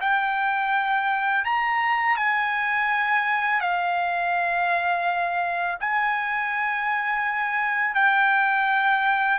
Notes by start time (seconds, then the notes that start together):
0.00 G5
1.44 A#5
2.16 G#5
3.60 F5
5.80 G#5
7.94 G5